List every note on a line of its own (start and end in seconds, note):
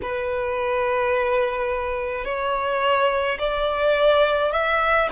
0.02 2.24 B4
2.24 3.38 C#5
3.39 4.52 D5
4.52 5.08 E5